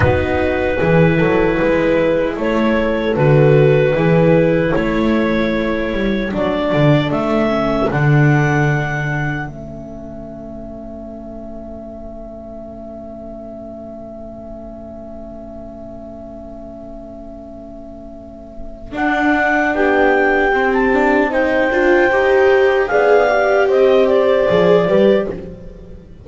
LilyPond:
<<
  \new Staff \with { instrumentName = "clarinet" } { \time 4/4 \tempo 4 = 76 b'2. cis''4 | b'2 cis''2 | d''4 e''4 fis''2 | e''1~ |
e''1~ | e''1 | fis''4 g''4~ g''16 a''8. g''4~ | g''4 f''4 dis''8 d''4. | }
  \new Staff \with { instrumentName = "horn" } { \time 4/4 fis'4 gis'8 a'8 b'4 a'4~ | a'4 gis'4 a'2~ | a'1~ | a'1~ |
a'1~ | a'1~ | a'4 g'2 c''4~ | c''4 d''4 c''4. b'8 | }
  \new Staff \with { instrumentName = "viola" } { \time 4/4 dis'4 e'2. | fis'4 e'2. | d'4. cis'8 d'2 | cis'1~ |
cis'1~ | cis'1 | d'2 c'8 d'8 dis'8 f'8 | g'4 gis'8 g'4. gis'8 g'8 | }
  \new Staff \with { instrumentName = "double bass" } { \time 4/4 b4 e8 fis8 gis4 a4 | d4 e4 a4. g8 | fis8 d8 a4 d2 | a1~ |
a1~ | a1 | d'4 b4 c'4. d'8 | dis'4 b4 c'4 f8 g8 | }
>>